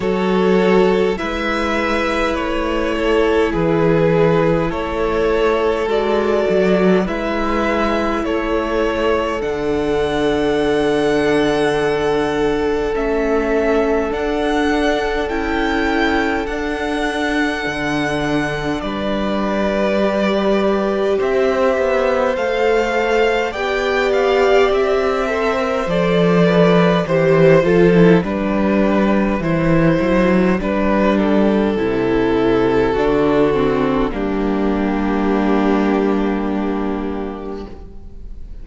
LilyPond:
<<
  \new Staff \with { instrumentName = "violin" } { \time 4/4 \tempo 4 = 51 cis''4 e''4 cis''4 b'4 | cis''4 d''4 e''4 cis''4 | fis''2. e''4 | fis''4 g''4 fis''2 |
d''2 e''4 f''4 | g''8 f''8 e''4 d''4 c''8 a'8 | b'4 c''4 b'8 a'4.~ | a'4 g'2. | }
  \new Staff \with { instrumentName = "violin" } { \time 4/4 a'4 b'4. a'8 gis'4 | a'2 b'4 a'4~ | a'1~ | a'1 |
b'2 c''2 | d''4. c''4 b'8 c''4 | g'1 | fis'4 d'2. | }
  \new Staff \with { instrumentName = "viola" } { \time 4/4 fis'4 e'2.~ | e'4 fis'4 e'2 | d'2. cis'4 | d'4 e'4 d'2~ |
d'4 g'2 a'4 | g'4. a'16 ais'16 a'4 g'8 f'16 e'16 | d'4 e'4 d'4 e'4 | d'8 c'8 ais2. | }
  \new Staff \with { instrumentName = "cello" } { \time 4/4 fis4 gis4 a4 e4 | a4 gis8 fis8 gis4 a4 | d2. a4 | d'4 cis'4 d'4 d4 |
g2 c'8 b8 a4 | b4 c'4 f4 e8 f8 | g4 e8 fis8 g4 c4 | d4 g2. | }
>>